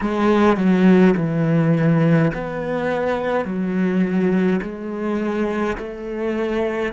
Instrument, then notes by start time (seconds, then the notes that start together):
cello
0.01 G#3
0.57 F#3
1.16 E3
2.33 B3
3.45 F#3
4.62 G#3
5.77 A3